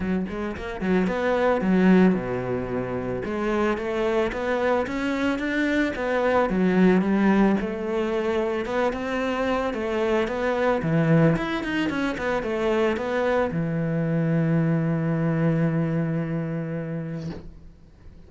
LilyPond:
\new Staff \with { instrumentName = "cello" } { \time 4/4 \tempo 4 = 111 fis8 gis8 ais8 fis8 b4 fis4 | b,2 gis4 a4 | b4 cis'4 d'4 b4 | fis4 g4 a2 |
b8 c'4. a4 b4 | e4 e'8 dis'8 cis'8 b8 a4 | b4 e2.~ | e1 | }